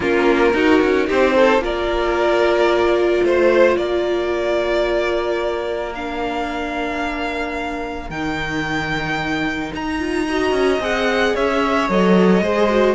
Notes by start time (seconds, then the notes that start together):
0.00 A#3 C#4 F4 A#4
0.53 D#4 F#4
0.81 C#4
1.07 C4 G4 C5
1.35 A4
1.58 A#3 F4 A#4 D5
3.23 A3 C5
3.77 A#3 A#4 D5
5.95 D4 F5
8.09 D#3 D#4 G5
9.73 D#4 A#5
9.99 F4
10.28 F#4 D#5
10.51 C#4
10.79 C4 G#4 F#5
11.34 C#4 C#5 E5
11.89 F#3 A4 D#5
12.41 G#3 G#4 C5
12.69 F#4